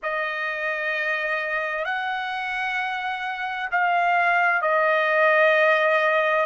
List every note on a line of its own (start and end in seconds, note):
0.03 1.85 D#5
1.85 3.69 F#5
3.71 4.61 F5
4.61 6.45 D#5